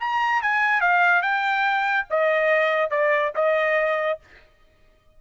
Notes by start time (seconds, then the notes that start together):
0.00 A#5
0.42 G#5
0.81 F5
1.22 G5
2.10 D#5
2.91 D5
3.35 D#5